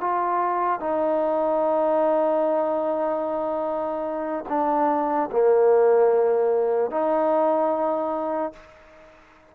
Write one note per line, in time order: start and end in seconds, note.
0.00 0.80 F4
0.80 4.45 D#4
4.49 5.30 D4
5.31 6.91 A#3
6.91 8.53 D#4